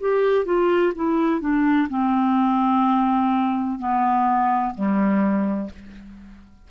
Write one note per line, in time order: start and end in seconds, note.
0.00 0.45 G4
0.45 0.92 F4
0.95 1.40 E4
1.40 1.88 D4
1.89 3.78 C4
3.78 4.74 B3
4.74 5.70 G3